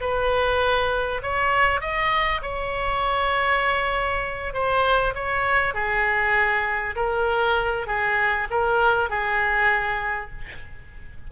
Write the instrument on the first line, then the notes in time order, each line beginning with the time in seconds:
oboe
0.00 B4
1.22 C#5
1.80 D#5
2.42 C#5
4.53 C5
5.15 C#5
5.74 G#4
6.95 A#4
7.87 G#4
8.50 A#4
9.09 G#4